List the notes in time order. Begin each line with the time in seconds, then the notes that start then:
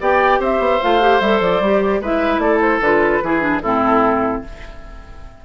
0.00 B3 G4 D5 G5
0.39 C4 C5 E5
0.59 B3
0.81 A3 F4 F5
1.01 G4
1.20 G3 A4 E5
1.40 F3 D5
1.60 G3 G4
2.00 G#3 E4 B4 E5
2.38 A3 A4 D5
2.61 C5
2.81 D3 F4 B4
3.23 E3 E4 G#4
3.40 D4
3.62 A2 C4 E4 A4